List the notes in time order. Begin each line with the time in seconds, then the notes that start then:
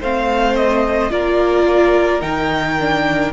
0.00 A3 C4 C5 F5
0.56 D#5
1.10 A#3 F4 A#4 D5
2.21 D#3 D#4 G5
2.80 D4